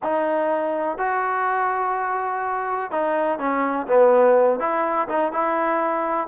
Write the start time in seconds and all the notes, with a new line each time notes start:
0.02 D#4
0.98 F#4
2.91 D#4
3.38 C#4
3.87 B3
4.59 E4
5.08 D#4
5.32 E4